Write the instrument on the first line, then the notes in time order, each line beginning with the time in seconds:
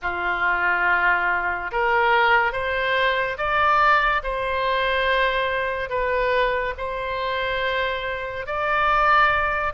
oboe
0.02 F4
1.71 A#4
2.52 C5
3.37 D5
4.23 C5
5.89 B4
6.77 C5
8.46 D5